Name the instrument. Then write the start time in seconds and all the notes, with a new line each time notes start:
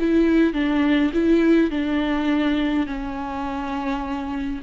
viola
0.00 E4
0.54 D4
1.13 E4
1.71 D4
2.87 C#4